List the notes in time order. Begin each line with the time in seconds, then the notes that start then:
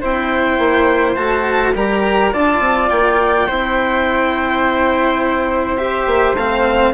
0.00 C4 E4 C5 G5
0.58 A#3
1.15 A3 F#4 A5
1.74 G3 G4 A#4 A#5
2.31 D4 F4 D5 A5
2.60 C4
2.89 A#3 G5
3.46 C4 E4 C5
5.77 G4 E5
6.06 A#3
6.34 A3 C4 F5